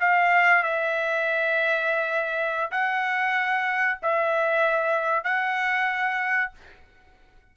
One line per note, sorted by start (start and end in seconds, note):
0.00 0.63 F5
0.63 2.70 E5
2.71 3.99 F#5
4.02 5.24 E5
5.24 6.51 F#5